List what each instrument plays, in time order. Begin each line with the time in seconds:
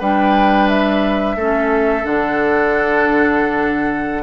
0.00 bassoon G3, clarinet D4, oboe B4, flute G5
0.69 flute E5
1.36 bassoon A3, clarinet C#4, oboe A4
2.04 bassoon D3, clarinet D4, flute F#5